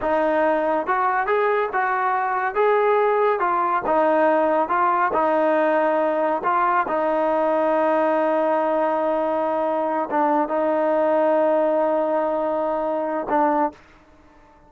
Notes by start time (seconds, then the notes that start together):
0.01 D#4
0.86 F#4
1.26 G#4
1.72 F#4
2.54 G#4
3.39 F4
3.86 D#4
4.68 F4
5.13 D#4
6.43 F4
6.87 D#4
10.10 D4
10.48 D#4
13.29 D4